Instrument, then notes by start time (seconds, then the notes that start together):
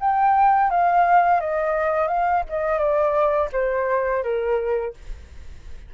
flute
0.00 G5
0.70 F5
1.40 D#5
2.08 F5
2.49 D#5
2.78 D5
3.52 C5
4.23 A#4